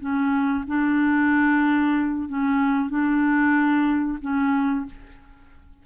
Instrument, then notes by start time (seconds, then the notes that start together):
clarinet
0.00 C#4
0.67 D4
2.28 C#4
2.90 D4
4.21 C#4